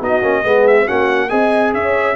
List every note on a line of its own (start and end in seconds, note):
0.00 0.22 B3
0.00 0.21 D#4
0.00 0.44 F#4
0.00 0.67 D#5
0.21 0.43 A#3
0.21 0.43 C#4
0.43 0.87 G#3
0.43 0.86 B3
0.43 0.85 G#4
0.67 0.87 E5
0.85 1.31 A#3
0.85 1.29 C#4
0.85 1.28 F#4
0.85 1.29 F#5
1.29 1.73 C4
1.29 2.15 G#4
1.29 1.73 D#5
1.29 1.72 G#5
1.73 2.15 C#4
1.73 2.15 C#5
1.73 2.15 E5